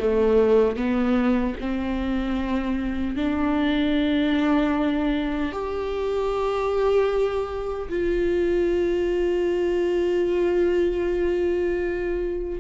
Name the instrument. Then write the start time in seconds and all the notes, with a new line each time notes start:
viola
0.00 A3
0.76 B3
1.60 C4
3.16 D4
5.52 G4
7.90 F4